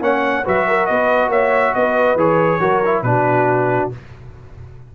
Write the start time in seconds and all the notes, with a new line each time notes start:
0.00 A#3 C#4 C#5 F#5
0.44 F#3 F#4 B4 E5
0.68 A#4
0.86 B3 B4 D#5
1.28 A#3 C#5 E5
1.74 B3 B4 D#5
2.15 E3 G#4 C#5
2.60 F#3 F#4 A#4
2.85 E4
3.02 B2 D4 B4
3.08 F#4